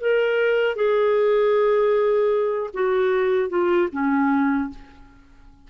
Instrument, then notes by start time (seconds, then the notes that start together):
clarinet
0.00 A#4
0.75 G#4
2.73 F#4
3.49 F4
3.92 C#4